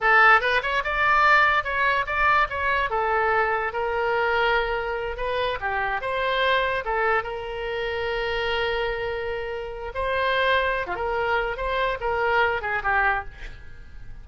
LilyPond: \new Staff \with { instrumentName = "oboe" } { \time 4/4 \tempo 4 = 145 a'4 b'8 cis''8 d''2 | cis''4 d''4 cis''4 a'4~ | a'4 ais'2.~ | ais'8 b'4 g'4 c''4.~ |
c''8 a'4 ais'2~ ais'8~ | ais'1 | c''2~ c''16 f'16 ais'4. | c''4 ais'4. gis'8 g'4 | }